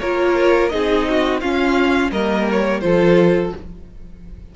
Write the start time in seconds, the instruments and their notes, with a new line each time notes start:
0.00 cello A#3, viola F4, violin A#4 C#5
0.69 cello C4, viola D#4, violin G#4 D#5
1.10 violin F#4
1.41 viola C#4, cello C#4, violin F4 F5
2.11 cello G3, viola A#3, violin A#4 D#5
2.51 violin C#5
2.81 cello F3, viola F4, violin A4 C5